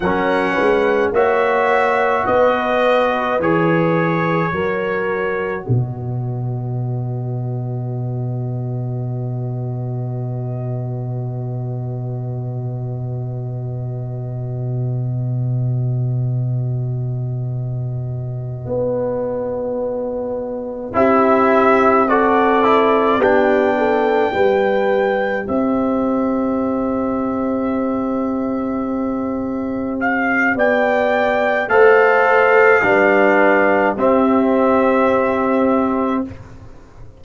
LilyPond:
<<
  \new Staff \with { instrumentName = "trumpet" } { \time 4/4 \tempo 4 = 53 fis''4 e''4 dis''4 cis''4~ | cis''4 dis''2.~ | dis''1~ | dis''1~ |
dis''2~ dis''8 e''4 d''8~ | d''8 g''2 e''4.~ | e''2~ e''8 f''8 g''4 | f''2 e''2 | }
  \new Staff \with { instrumentName = "horn" } { \time 4/4 ais'8 b'8 cis''4 b'2 | ais'4 b'2.~ | b'1~ | b'1~ |
b'2~ b'8 g'4 a'8~ | a'8 g'8 a'8 b'4 c''4.~ | c''2. d''4 | c''4 b'4 g'2 | }
  \new Staff \with { instrumentName = "trombone" } { \time 4/4 cis'4 fis'2 gis'4 | fis'1~ | fis'1~ | fis'1~ |
fis'2~ fis'8 e'4 fis'8 | e'8 d'4 g'2~ g'8~ | g'1 | a'4 d'4 c'2 | }
  \new Staff \with { instrumentName = "tuba" } { \time 4/4 fis8 gis8 ais4 b4 e4 | fis4 b,2.~ | b,1~ | b,1~ |
b,8 b2 c'4.~ | c'8 b4 g4 c'4.~ | c'2. b4 | a4 g4 c'2 | }
>>